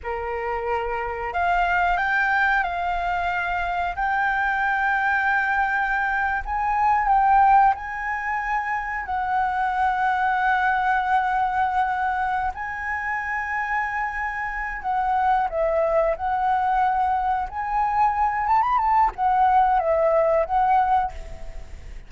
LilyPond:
\new Staff \with { instrumentName = "flute" } { \time 4/4 \tempo 4 = 91 ais'2 f''4 g''4 | f''2 g''2~ | g''4.~ g''16 gis''4 g''4 gis''16~ | gis''4.~ gis''16 fis''2~ fis''16~ |
fis''2. gis''4~ | gis''2~ gis''8 fis''4 e''8~ | e''8 fis''2 gis''4. | a''16 b''16 a''8 fis''4 e''4 fis''4 | }